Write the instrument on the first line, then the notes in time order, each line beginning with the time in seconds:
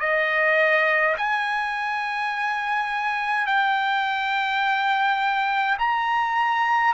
trumpet
0.00 D#5
1.17 G#5
3.47 G5
5.79 A#5